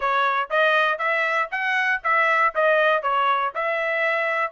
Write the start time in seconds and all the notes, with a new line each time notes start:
0.00 C#5
0.50 D#5
0.98 E5
1.51 F#5
2.03 E5
2.54 D#5
3.02 C#5
3.54 E5